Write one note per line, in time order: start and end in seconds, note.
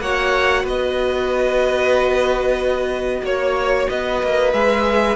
0.00 0.64 A#3
0.00 4.53 F#4
0.00 0.64 C#5
0.00 0.66 F#5
0.64 3.22 B3
0.64 3.22 B4
0.64 3.25 D#5
3.23 3.87 A#3
3.23 3.90 C#5
3.23 3.89 C#5
3.89 4.23 B3
3.89 5.16 B4
3.89 4.53 D#5
4.23 4.53 A#3
4.53 5.16 G#3
4.53 5.16 G#4
4.53 5.16 E5